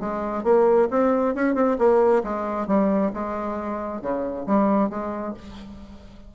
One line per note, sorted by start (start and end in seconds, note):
0.00 0.44 G#3
0.44 0.88 A#3
0.91 1.35 C4
1.35 1.55 C#4
1.55 1.77 C4
1.78 2.23 A#3
2.24 2.67 G#3
2.67 3.12 G3
3.14 4.02 G#3
4.02 4.46 C#3
4.47 4.90 G3
4.90 5.34 G#3